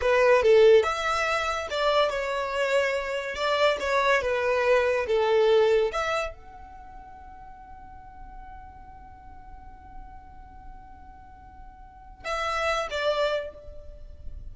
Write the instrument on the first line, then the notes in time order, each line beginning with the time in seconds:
violin
0.01 B4
0.42 A4
0.83 E5
1.70 D5
2.10 C#5
3.35 D5
3.80 C#5
4.21 B4
5.07 A4
5.92 E5
6.33 F#5
12.24 E5
12.90 D5